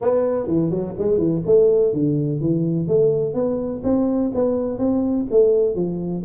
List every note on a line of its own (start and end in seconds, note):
0.01 0.47 B3
0.47 0.70 E3
0.70 0.94 F#3
0.98 1.18 G#3
1.18 1.42 E3
1.46 1.93 A3
1.93 2.40 D3
2.40 2.87 E3
2.87 3.34 A3
3.34 3.82 B3
3.83 4.31 C4
4.34 4.78 B3
4.78 5.26 C4
5.30 5.75 A3
5.75 6.23 F3